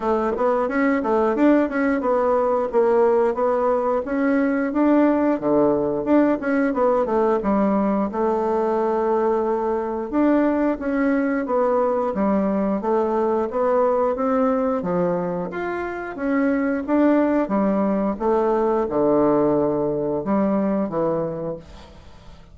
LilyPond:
\new Staff \with { instrumentName = "bassoon" } { \time 4/4 \tempo 4 = 89 a8 b8 cis'8 a8 d'8 cis'8 b4 | ais4 b4 cis'4 d'4 | d4 d'8 cis'8 b8 a8 g4 | a2. d'4 |
cis'4 b4 g4 a4 | b4 c'4 f4 f'4 | cis'4 d'4 g4 a4 | d2 g4 e4 | }